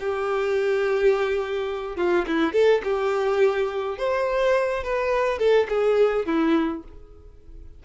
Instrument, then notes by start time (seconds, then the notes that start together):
violin
0.00 G4
1.97 F4
2.28 E4
2.53 A4
2.84 G4
3.98 C5
4.84 B4
5.39 A4
5.69 G#4
6.26 E4